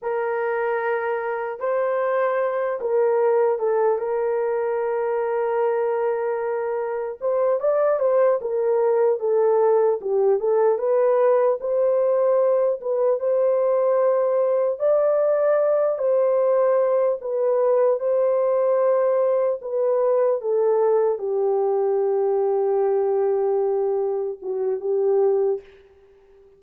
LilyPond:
\new Staff \with { instrumentName = "horn" } { \time 4/4 \tempo 4 = 75 ais'2 c''4. ais'8~ | ais'8 a'8 ais'2.~ | ais'4 c''8 d''8 c''8 ais'4 a'8~ | a'8 g'8 a'8 b'4 c''4. |
b'8 c''2 d''4. | c''4. b'4 c''4.~ | c''8 b'4 a'4 g'4.~ | g'2~ g'8 fis'8 g'4 | }